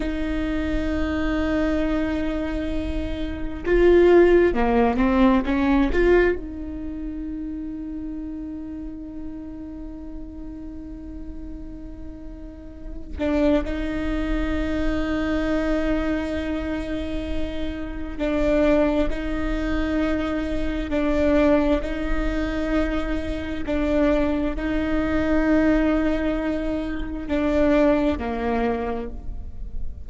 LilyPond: \new Staff \with { instrumentName = "viola" } { \time 4/4 \tempo 4 = 66 dis'1 | f'4 ais8 c'8 cis'8 f'8 dis'4~ | dis'1~ | dis'2~ dis'8 d'8 dis'4~ |
dis'1 | d'4 dis'2 d'4 | dis'2 d'4 dis'4~ | dis'2 d'4 ais4 | }